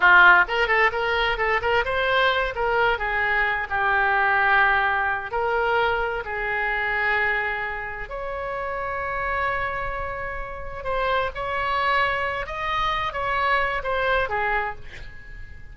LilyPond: \new Staff \with { instrumentName = "oboe" } { \time 4/4 \tempo 4 = 130 f'4 ais'8 a'8 ais'4 a'8 ais'8 | c''4. ais'4 gis'4. | g'2.~ g'8 ais'8~ | ais'4. gis'2~ gis'8~ |
gis'4. cis''2~ cis''8~ | cis''2.~ cis''8 c''8~ | c''8 cis''2~ cis''8 dis''4~ | dis''8 cis''4. c''4 gis'4 | }